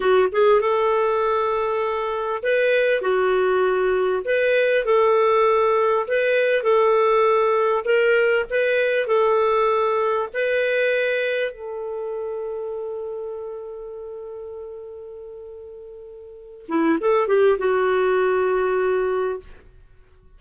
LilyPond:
\new Staff \with { instrumentName = "clarinet" } { \time 4/4 \tempo 4 = 99 fis'8 gis'8 a'2. | b'4 fis'2 b'4 | a'2 b'4 a'4~ | a'4 ais'4 b'4 a'4~ |
a'4 b'2 a'4~ | a'1~ | a'2.~ a'8 e'8 | a'8 g'8 fis'2. | }